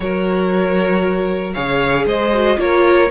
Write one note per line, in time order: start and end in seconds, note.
0.00 1.55 F#3
0.00 1.53 F#4
0.00 1.54 A#4
0.00 1.53 C#5
1.53 2.05 C#3
1.53 2.32 G#4
1.53 2.05 C#5
1.53 2.05 F5
2.05 2.57 G#3
2.05 2.58 C5
2.05 2.59 D#5
2.32 2.57 F#4
2.57 3.10 A#3
2.57 3.08 F4
2.57 3.10 A#4
2.57 3.10 C#5